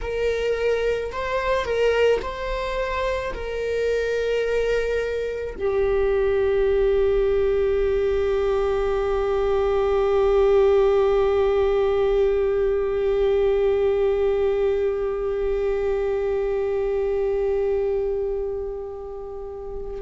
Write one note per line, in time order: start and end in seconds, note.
0.01 1.12 A#4
1.12 1.64 C5
1.64 2.20 A#4
2.22 3.33 C5
3.33 5.56 A#4
5.58 20.01 G4